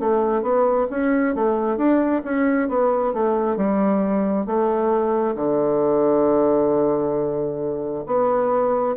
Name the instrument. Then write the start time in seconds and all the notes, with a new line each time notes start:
bassoon
0.00 A3
0.42 B3
0.90 C#4
1.36 A3
1.77 D4
2.24 C#4
2.69 B3
3.14 A3
3.57 G3
4.47 A3
5.36 D3
8.06 B3